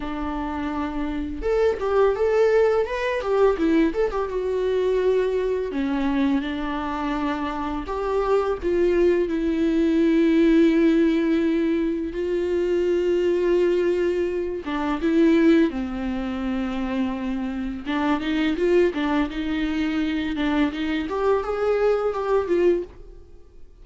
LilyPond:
\new Staff \with { instrumentName = "viola" } { \time 4/4 \tempo 4 = 84 d'2 a'8 g'8 a'4 | b'8 g'8 e'8 a'16 g'16 fis'2 | cis'4 d'2 g'4 | f'4 e'2.~ |
e'4 f'2.~ | f'8 d'8 e'4 c'2~ | c'4 d'8 dis'8 f'8 d'8 dis'4~ | dis'8 d'8 dis'8 g'8 gis'4 g'8 f'8 | }